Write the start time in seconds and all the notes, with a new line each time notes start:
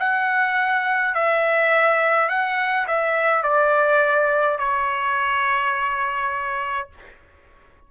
0.00 F#5
1.15 E5
2.29 F#5
2.88 E5
3.44 D5
4.59 C#5